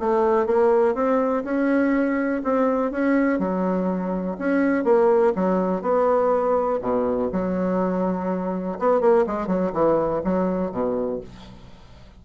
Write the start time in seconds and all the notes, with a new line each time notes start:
0.00 A3
0.47 A#3
0.95 C4
1.45 C#4
2.44 C4
2.92 C#4
3.39 F#3
4.39 C#4
4.85 A#3
5.36 F#3
5.82 B3
6.82 B2
7.33 F#3
8.79 B3
9.01 A#3
9.27 G#3
9.48 F#3
9.73 E3
10.25 F#3
10.72 B2